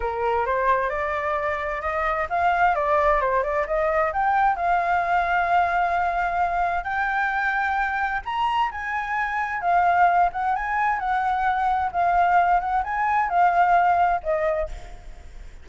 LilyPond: \new Staff \with { instrumentName = "flute" } { \time 4/4 \tempo 4 = 131 ais'4 c''4 d''2 | dis''4 f''4 d''4 c''8 d''8 | dis''4 g''4 f''2~ | f''2. g''4~ |
g''2 ais''4 gis''4~ | gis''4 f''4. fis''8 gis''4 | fis''2 f''4. fis''8 | gis''4 f''2 dis''4 | }